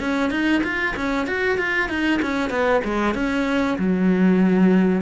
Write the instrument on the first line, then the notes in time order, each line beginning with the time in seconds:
cello
0.00 C#4
0.31 D#4
0.64 F4
0.96 C#4
1.27 F#4
1.58 F4
1.89 D#4
2.22 C#4
2.50 B3
2.84 G#3
3.14 C#4
3.78 F#3